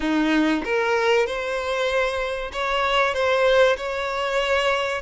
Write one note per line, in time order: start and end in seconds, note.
0.00 0.62 D#4
0.64 1.26 A#4
1.26 2.51 C5
2.52 3.14 C#5
3.14 3.76 C5
3.77 5.02 C#5